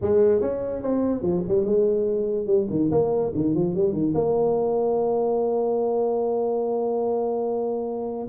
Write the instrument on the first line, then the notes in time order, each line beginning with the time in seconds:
tuba
0.01 G#3
0.41 C#4
0.82 C4
1.22 F3
1.48 G3
1.65 G#3
2.46 G3
2.70 D#3
2.91 A#3
3.34 D#3
3.54 F3
3.74 G3
3.92 D#3
4.14 A#3